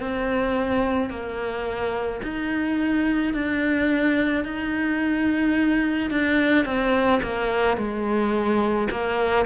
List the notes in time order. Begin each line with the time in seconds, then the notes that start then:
0.00 C4
1.10 A#3
2.23 D#4
3.34 D4
4.44 D#4
6.11 D4
6.65 C4
7.23 A#3
7.77 G#3
8.91 A#3